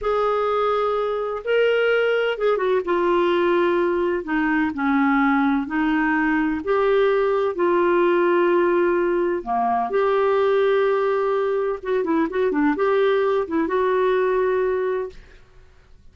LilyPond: \new Staff \with { instrumentName = "clarinet" } { \time 4/4 \tempo 4 = 127 gis'2. ais'4~ | ais'4 gis'8 fis'8 f'2~ | f'4 dis'4 cis'2 | dis'2 g'2 |
f'1 | ais4 g'2.~ | g'4 fis'8 e'8 fis'8 d'8 g'4~ | g'8 e'8 fis'2. | }